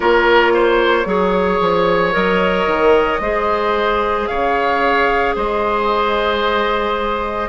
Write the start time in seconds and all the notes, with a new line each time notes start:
0.00 A#3 F4 A#4 C#5
0.54 C5
1.05 F#3 G#4 C#5
1.60 F3
2.12 F#3 A#4 D#5
2.66 D#3
3.20 G#3 G#4 C5
4.27 C#3 C#5 F5
5.35 G#3 C5 D#5